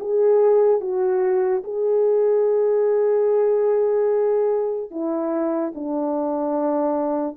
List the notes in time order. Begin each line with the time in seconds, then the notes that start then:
0.00 G#4
0.81 F#4
1.64 G#4
4.91 E4
5.75 D4